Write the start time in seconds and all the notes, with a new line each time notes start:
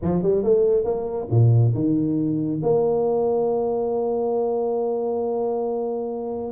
0.02 F3
0.23 G3
0.43 A3
0.84 A#3
1.30 A#2
1.74 D#3
2.63 A#3